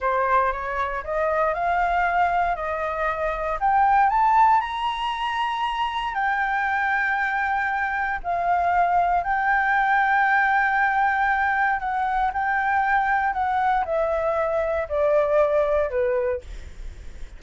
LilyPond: \new Staff \with { instrumentName = "flute" } { \time 4/4 \tempo 4 = 117 c''4 cis''4 dis''4 f''4~ | f''4 dis''2 g''4 | a''4 ais''2. | g''1 |
f''2 g''2~ | g''2. fis''4 | g''2 fis''4 e''4~ | e''4 d''2 b'4 | }